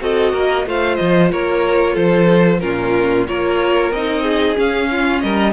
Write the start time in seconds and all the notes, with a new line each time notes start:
0.00 C4 F#4 A4 D#5
0.33 A#3 A#4
0.66 A3 F4 C5 F5
0.96 F3 D#5
1.32 A#3 A#4 C#5
1.94 F3 A4 C5
2.60 A#2 C#4 F4 A#4
3.27 A#3 F4 A#4 C#5
3.91 C4 D#4 D#5
4.23 G#4
4.56 C#4 F5
4.91 F4
5.21 G3 A#4 D#5